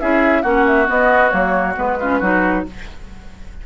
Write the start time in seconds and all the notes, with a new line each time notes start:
0.00 C#4 E4 G#4 E5
0.42 A#3 C#4 F#4 F#5
0.67 E5
0.86 B3 D#5
1.30 F#3 A#3 C#5
1.76 G#3 B3 B4
2.00 C#4 F4
2.19 F#3 D#4 F#4